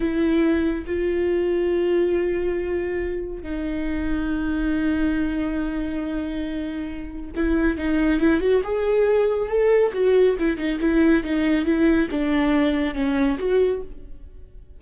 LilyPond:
\new Staff \with { instrumentName = "viola" } { \time 4/4 \tempo 4 = 139 e'2 f'2~ | f'1 | dis'1~ | dis'1~ |
dis'4 e'4 dis'4 e'8 fis'8 | gis'2 a'4 fis'4 | e'8 dis'8 e'4 dis'4 e'4 | d'2 cis'4 fis'4 | }